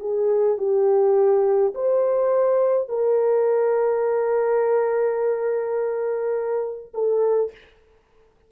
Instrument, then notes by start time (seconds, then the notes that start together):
horn
0.00 G#4
0.58 G4
1.75 C5
2.88 A#4
6.94 A4